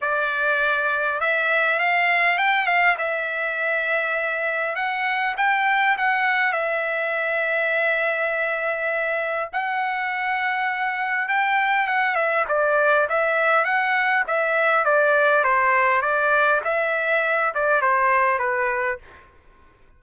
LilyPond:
\new Staff \with { instrumentName = "trumpet" } { \time 4/4 \tempo 4 = 101 d''2 e''4 f''4 | g''8 f''8 e''2. | fis''4 g''4 fis''4 e''4~ | e''1 |
fis''2. g''4 | fis''8 e''8 d''4 e''4 fis''4 | e''4 d''4 c''4 d''4 | e''4. d''8 c''4 b'4 | }